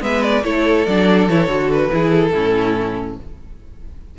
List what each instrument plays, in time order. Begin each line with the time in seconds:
0.00 cello G#3, viola B3, violin B4 E5
0.23 violin D5
0.44 cello A3, viola E4, violin A4 C#5
0.86 cello F#3, viola D4, violin D5
1.29 cello E3, viola E4, violin C#5
1.47 cello D3, viola F#4
1.72 violin B4
1.91 cello E3, viola E4, violin G#4
2.10 violin A4
2.32 cello A2, viola C#4, violin E4